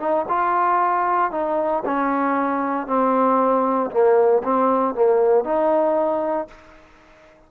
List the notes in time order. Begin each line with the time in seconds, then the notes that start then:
0.00 D#4
0.29 F4
1.32 D#4
1.86 C#4
2.88 C4
3.91 A#3
4.44 C4
4.95 A#3
5.45 D#4